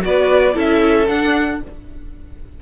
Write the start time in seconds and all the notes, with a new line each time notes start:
0.00 B3 F#4 D5
0.06 B4
0.53 C#4 E4 A4 E5
1.07 D4 F#5